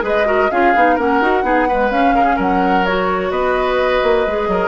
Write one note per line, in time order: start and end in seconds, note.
0.00 0.49 G#3
0.00 0.23 G#4
0.00 0.27 B4
0.06 0.51 D#5
0.25 0.48 F#4
0.25 0.50 A#4
0.51 0.74 C#4
0.51 0.74 F4
0.51 0.95 G#4
0.51 0.98 F5
0.75 0.98 B3
0.75 0.98 D#4
0.95 1.21 A#3
0.95 1.22 C#4
0.95 1.42 A#4
0.95 1.91 F#5
1.21 1.42 D#4
1.21 1.43 F#4
1.42 1.89 B3
1.42 1.67 D#4
1.42 1.68 G#4
1.68 1.92 G#3
1.68 2.15 B4
1.91 2.12 C#4
1.91 2.86 C#4
1.91 2.38 F5
2.12 2.36 C#3
2.12 2.23 A#4
2.23 2.35 G#4
2.36 3.30 F#3
2.36 3.29 A#4
2.36 2.85 F#5
2.85 4.27 F#4
2.85 3.31 C#5
3.30 4.01 B3
3.30 4.48 B4
3.30 4.67 D#5
4.03 4.26 A#3
4.26 4.47 G#3
4.26 4.67 G#4
4.47 4.67 F#3
4.47 4.67 A#4